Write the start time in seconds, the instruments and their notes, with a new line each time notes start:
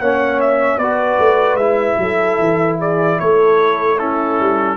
0.00 tuba A#3, trombone C#4, horn C#5, trumpet F#5
0.41 trumpet E5
0.78 tuba B3, trombone F#4, horn B4, trumpet D5
1.19 tuba A3
1.55 tuba G#3, trombone E4, trumpet E5
1.98 tuba F#3, horn A4
2.39 tuba E3
2.80 horn G#4, trumpet D5
3.20 tuba A3, horn A4, trumpet C#5
3.99 trombone C#4, horn E4, trumpet A4
4.40 tuba G3